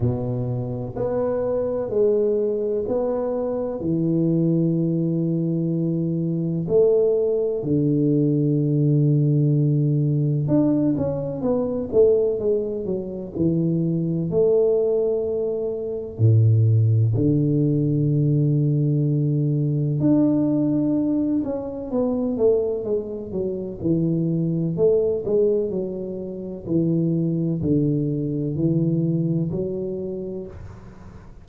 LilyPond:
\new Staff \with { instrumentName = "tuba" } { \time 4/4 \tempo 4 = 63 b,4 b4 gis4 b4 | e2. a4 | d2. d'8 cis'8 | b8 a8 gis8 fis8 e4 a4~ |
a4 a,4 d2~ | d4 d'4. cis'8 b8 a8 | gis8 fis8 e4 a8 gis8 fis4 | e4 d4 e4 fis4 | }